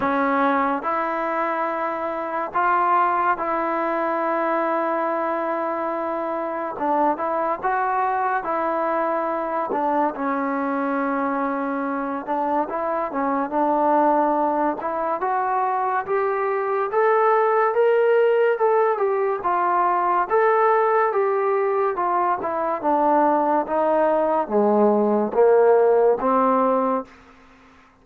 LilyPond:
\new Staff \with { instrumentName = "trombone" } { \time 4/4 \tempo 4 = 71 cis'4 e'2 f'4 | e'1 | d'8 e'8 fis'4 e'4. d'8 | cis'2~ cis'8 d'8 e'8 cis'8 |
d'4. e'8 fis'4 g'4 | a'4 ais'4 a'8 g'8 f'4 | a'4 g'4 f'8 e'8 d'4 | dis'4 gis4 ais4 c'4 | }